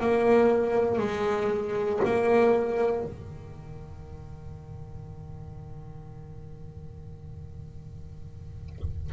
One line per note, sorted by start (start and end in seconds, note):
0.00 0.98 A#3
0.98 2.00 G#3
2.04 3.04 A#3
3.04 9.13 D#3